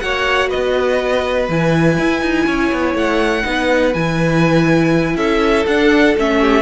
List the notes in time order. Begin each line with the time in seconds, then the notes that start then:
0.00 A#3 F#4 C#5 F#5
0.48 B4 D#5
0.55 B3
1.49 E3 E4 G#5
1.98 E4
2.21 D#4
2.46 C#4 C#5
2.72 B3
2.94 A3 F#5
3.44 B3 D#4
3.50 B4
3.94 E3 E4 G#5
5.16 C#4 A4 E5
5.67 D4 F#5
6.17 A3 C#4 E5
6.41 G4